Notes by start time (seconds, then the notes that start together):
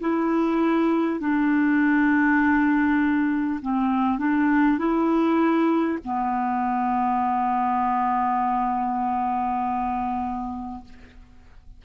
0.00 E4
1.20 D4
3.62 C4
4.18 D4
4.78 E4
6.04 B3